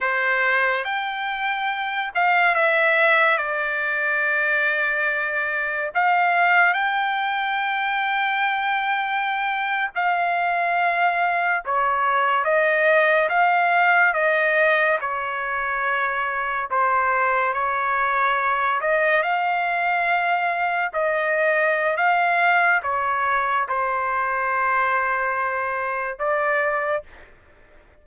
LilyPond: \new Staff \with { instrumentName = "trumpet" } { \time 4/4 \tempo 4 = 71 c''4 g''4. f''8 e''4 | d''2. f''4 | g''2.~ g''8. f''16~ | f''4.~ f''16 cis''4 dis''4 f''16~ |
f''8. dis''4 cis''2 c''16~ | c''8. cis''4. dis''8 f''4~ f''16~ | f''8. dis''4~ dis''16 f''4 cis''4 | c''2. d''4 | }